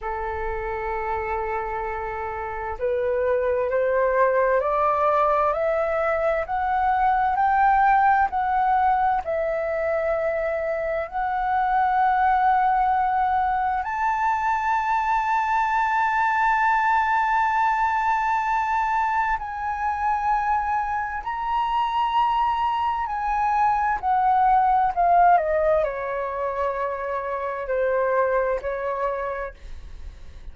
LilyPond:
\new Staff \with { instrumentName = "flute" } { \time 4/4 \tempo 4 = 65 a'2. b'4 | c''4 d''4 e''4 fis''4 | g''4 fis''4 e''2 | fis''2. a''4~ |
a''1~ | a''4 gis''2 ais''4~ | ais''4 gis''4 fis''4 f''8 dis''8 | cis''2 c''4 cis''4 | }